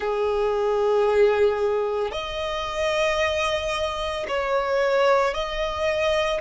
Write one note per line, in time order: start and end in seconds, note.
0.00 2.11 G#4
2.11 4.26 D#5
4.28 5.34 C#5
5.34 6.41 D#5